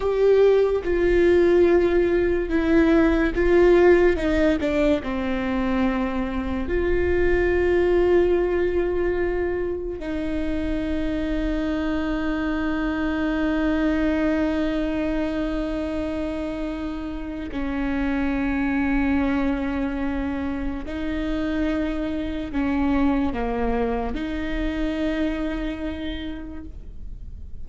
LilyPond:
\new Staff \with { instrumentName = "viola" } { \time 4/4 \tempo 4 = 72 g'4 f'2 e'4 | f'4 dis'8 d'8 c'2 | f'1 | dis'1~ |
dis'1~ | dis'4 cis'2.~ | cis'4 dis'2 cis'4 | ais4 dis'2. | }